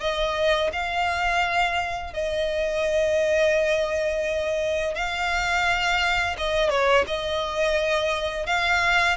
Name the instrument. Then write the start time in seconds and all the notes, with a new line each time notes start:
violin
0.00 D#5
0.72 F5
2.13 D#5
4.95 F5
6.38 D#5
6.70 C#5
7.07 D#5
8.46 F5